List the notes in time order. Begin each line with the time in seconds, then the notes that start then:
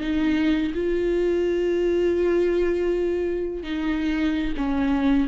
0.00 D#4
0.74 F4
3.63 D#4
4.56 C#4